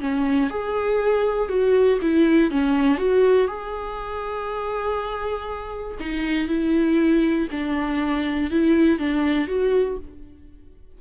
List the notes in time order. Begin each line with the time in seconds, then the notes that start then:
0.00 C#4
0.50 G#4
1.49 F#4
2.02 E4
2.50 C#4
2.97 F#4
3.47 G#4
6.00 D#4
6.48 E4
7.51 D4
8.51 E4
8.99 D4
9.48 F#4